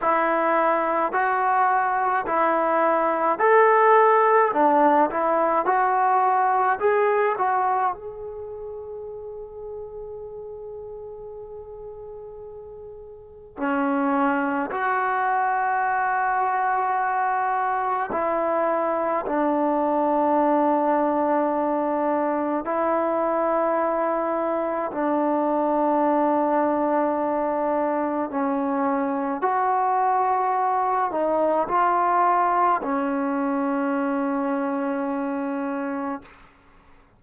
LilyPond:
\new Staff \with { instrumentName = "trombone" } { \time 4/4 \tempo 4 = 53 e'4 fis'4 e'4 a'4 | d'8 e'8 fis'4 gis'8 fis'8 gis'4~ | gis'1 | cis'4 fis'2. |
e'4 d'2. | e'2 d'2~ | d'4 cis'4 fis'4. dis'8 | f'4 cis'2. | }